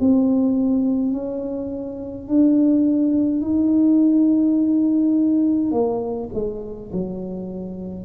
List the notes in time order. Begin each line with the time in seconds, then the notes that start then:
0.00 C4
1.13 C#4
2.29 D4
3.42 D#4
5.72 A#3
6.34 G#3
6.92 F#3